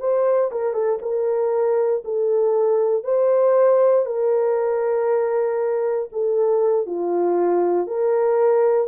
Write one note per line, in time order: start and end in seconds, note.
0.00 0.51 C5
0.51 0.73 A#4
0.73 0.99 A4
1.02 2.03 A#4
2.05 3.04 A4
3.04 4.06 C5
4.06 6.09 A#4
6.12 6.86 A4
6.86 7.87 F4
7.87 8.88 A#4